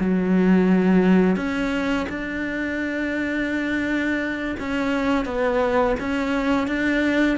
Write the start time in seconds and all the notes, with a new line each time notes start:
0.00 F#3
1.36 C#4
2.09 D4
4.60 C#4
5.26 B3
6.00 C#4
6.68 D4